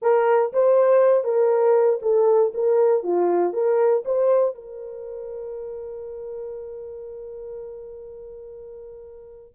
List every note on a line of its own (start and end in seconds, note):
0.02 0.52 A#4
0.52 1.24 C5
1.24 1.99 A#4
2.01 2.52 A4
2.54 3.03 A#4
3.03 3.53 F4
3.53 4.03 A#4
4.05 4.54 C5
4.54 9.55 A#4